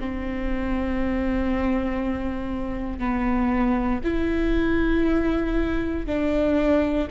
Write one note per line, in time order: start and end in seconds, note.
0.00 2.99 C4
2.99 4.01 B3
4.04 6.06 E4
6.06 7.08 D4